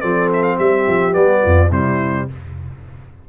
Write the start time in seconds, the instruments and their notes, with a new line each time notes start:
0.00 tuba F3, trombone C4, horn A4, trumpet D5
0.33 trumpet E5
0.43 trumpet F5
0.57 tuba G3, horn G4, trumpet E5
0.88 tuba F3
1.12 tuba G3, trombone B3, trumpet D5
1.42 tuba F2, horn F4
1.69 tuba C3, trombone G3, horn E4, trumpet C5